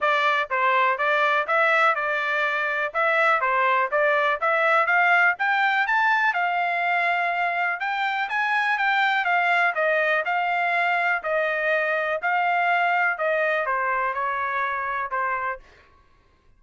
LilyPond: \new Staff \with { instrumentName = "trumpet" } { \time 4/4 \tempo 4 = 123 d''4 c''4 d''4 e''4 | d''2 e''4 c''4 | d''4 e''4 f''4 g''4 | a''4 f''2. |
g''4 gis''4 g''4 f''4 | dis''4 f''2 dis''4~ | dis''4 f''2 dis''4 | c''4 cis''2 c''4 | }